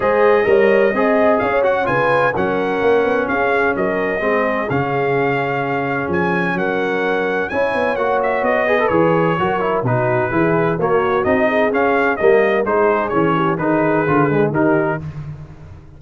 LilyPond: <<
  \new Staff \with { instrumentName = "trumpet" } { \time 4/4 \tempo 4 = 128 dis''2. f''8 fis''8 | gis''4 fis''2 f''4 | dis''2 f''2~ | f''4 gis''4 fis''2 |
gis''4 fis''8 e''8 dis''4 cis''4~ | cis''4 b'2 cis''4 | dis''4 f''4 dis''4 c''4 | cis''4 b'2 ais'4 | }
  \new Staff \with { instrumentName = "horn" } { \time 4/4 c''4 cis''4 dis''4 cis''4 | b'4 ais'2 gis'4 | ais'4 gis'2.~ | gis'2 ais'2 |
cis''2~ cis''8 b'4. | ais'4 fis'4 gis'4 fis'4~ | fis'8 gis'4. ais'4 gis'4~ | gis'8 g'8 gis'2 g'4 | }
  \new Staff \with { instrumentName = "trombone" } { \time 4/4 gis'4 ais'4 gis'4. fis'8 | f'4 cis'2.~ | cis'4 c'4 cis'2~ | cis'1 |
e'4 fis'4. gis'16 a'16 gis'4 | fis'8 e'8 dis'4 e'4 ais4 | dis'4 cis'4 ais4 dis'4 | cis'4 dis'4 f'8 gis8 dis'4 | }
  \new Staff \with { instrumentName = "tuba" } { \time 4/4 gis4 g4 c'4 cis'4 | cis4 fis4 ais8 b8 cis'4 | fis4 gis4 cis2~ | cis4 f4 fis2 |
cis'8 b8 ais4 b4 e4 | fis4 b,4 e4 ais4 | c'4 cis'4 g4 gis4 | e4 dis4 d4 dis4 | }
>>